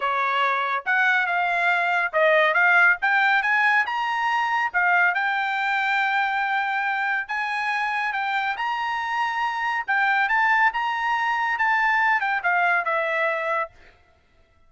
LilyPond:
\new Staff \with { instrumentName = "trumpet" } { \time 4/4 \tempo 4 = 140 cis''2 fis''4 f''4~ | f''4 dis''4 f''4 g''4 | gis''4 ais''2 f''4 | g''1~ |
g''4 gis''2 g''4 | ais''2. g''4 | a''4 ais''2 a''4~ | a''8 g''8 f''4 e''2 | }